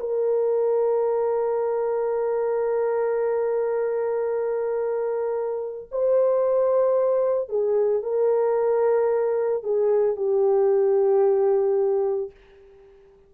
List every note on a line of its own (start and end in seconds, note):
0.00 5.89 A#4
5.92 7.50 C5
7.50 8.03 G#4
8.03 9.64 A#4
9.64 10.16 G#4
10.16 12.31 G4